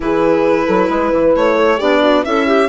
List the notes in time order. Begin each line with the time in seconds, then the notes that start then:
0.00 E3 E4 G#4 B4
0.66 F#3 A4
0.89 G#3 B4
1.12 E3
1.35 A3 C#5
1.56 A4
1.78 B3 D4 G4 D5
2.02 F#4
2.22 C#4 E4 A4 E5
2.46 G4